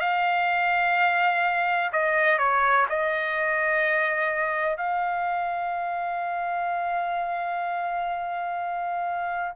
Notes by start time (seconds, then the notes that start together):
0.00 F5
1.92 D#5
2.38 C#5
2.89 D#5
4.77 F5